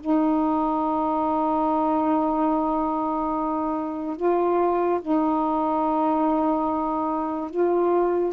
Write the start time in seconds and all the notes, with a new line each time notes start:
0.00 D#4
4.16 F4
5.02 D#4
7.50 F4